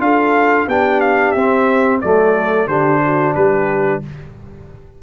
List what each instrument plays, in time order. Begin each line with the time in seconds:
0.00 tuba D4, trombone F4, horn A4, trumpet F5
0.67 tuba B3, trombone D4, horn G4, trumpet G5
1.01 trumpet F5
1.32 tuba C4, trombone C4, trumpet E5
2.01 tuba F#3, trombone A3, horn A4, trumpet D5
2.67 tuba D3, trombone D4, horn G4, trumpet C5
3.05 horn F#4
3.35 tuba G3, horn G4, trumpet B4